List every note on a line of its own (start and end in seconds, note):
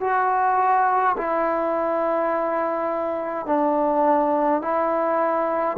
0.00 1.15 F#4
1.17 3.46 E4
3.46 4.61 D4
4.61 5.76 E4